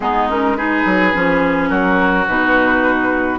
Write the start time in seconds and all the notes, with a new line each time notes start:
0.00 G#3 B3 D#4 G#4
0.29 C#4 A#4
0.56 D#4 G#4 B4
0.85 F#3
1.13 F3 C#4
1.69 F#3 F#4 A#4
2.27 B2 D#4 B4